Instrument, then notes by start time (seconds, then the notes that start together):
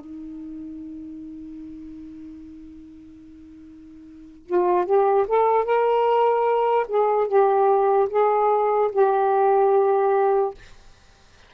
saxophone
0.00 D#4
4.46 F4
4.85 G4
5.27 A4
5.64 A#4
6.88 G#4
7.27 G4
8.09 G#4
8.92 G4